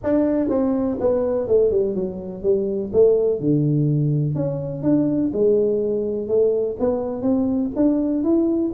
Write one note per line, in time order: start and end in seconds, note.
0.03 0.49 D4
0.49 0.97 C4
1.00 1.47 B3
1.47 1.70 A3
1.70 1.94 G3
1.94 2.43 F#3
2.43 2.91 G3
2.93 3.40 A3
3.40 4.35 D3
4.35 4.82 C#4
4.82 5.31 D4
5.33 6.27 G#3
6.27 6.76 A3
6.79 7.22 B3
7.22 7.70 C4
7.76 8.23 D4
8.23 8.72 E4